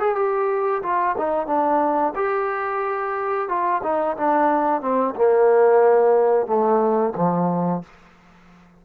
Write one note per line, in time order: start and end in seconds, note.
0.00 0.16 G#4
0.16 0.82 G4
0.83 1.16 F4
1.18 1.47 D#4
1.47 2.14 D4
2.16 3.49 G4
3.49 3.82 F4
3.83 4.17 D#4
4.17 4.82 D4
4.82 5.15 C4
5.16 6.47 A#3
6.47 7.14 A3
7.16 7.83 F3